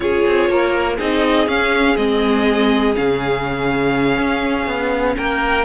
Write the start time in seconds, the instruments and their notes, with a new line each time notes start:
0.00 cello C#4, viola F4, violin G#4 C#5
0.26 cello C4
0.49 cello A#3, violin A#4
0.96 cello C4, viola D#4, violin G#4 D#5
1.47 viola C#4, cello C#4, violin F5
1.96 cello G#3, viola C4, violin D#5
2.94 cello C#3, viola C#4, violin F5
4.18 cello C#4
4.66 cello B3
5.16 cello A#3, violin A#4 G5